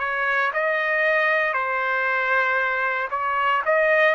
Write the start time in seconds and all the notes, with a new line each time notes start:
0.00 C#5
0.54 D#5
1.54 C5
3.11 C#5
3.66 D#5